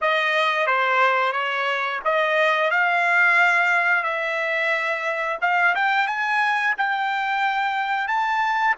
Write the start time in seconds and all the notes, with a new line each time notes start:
0.01 D#5
0.66 C5
1.32 C#5
2.04 D#5
2.70 F5
4.03 E5
5.41 F5
5.75 G5
6.07 G#5
6.77 G5
8.07 A5